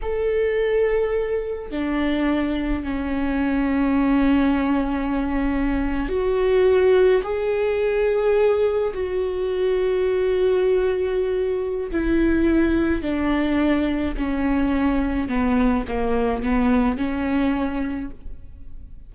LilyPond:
\new Staff \with { instrumentName = "viola" } { \time 4/4 \tempo 4 = 106 a'2. d'4~ | d'4 cis'2.~ | cis'2~ cis'8. fis'4~ fis'16~ | fis'8. gis'2. fis'16~ |
fis'1~ | fis'4 e'2 d'4~ | d'4 cis'2 b4 | ais4 b4 cis'2 | }